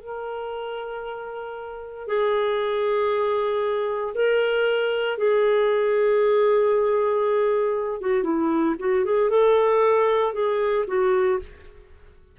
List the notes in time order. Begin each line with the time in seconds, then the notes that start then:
0.00 A#4
2.07 G#4
4.14 A#4
5.17 G#4
8.00 F#4
8.23 E4
8.79 F#4
9.05 G#4
9.30 A4
10.33 G#4
10.87 F#4